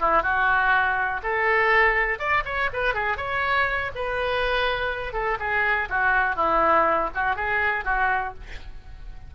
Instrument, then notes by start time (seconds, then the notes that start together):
oboe
0.00 E4
0.23 F#4
1.23 A4
2.20 D5
2.45 C#5
2.74 B4
2.95 G#4
3.18 C#5
3.95 B4
5.13 A4
5.40 G#4
5.90 F#4
6.36 E4
7.15 F#4
7.36 G#4
7.85 F#4